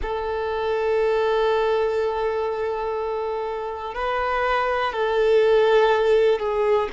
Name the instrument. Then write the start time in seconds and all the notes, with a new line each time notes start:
violin
0.01 A4
3.94 B4
4.92 A4
6.39 G#4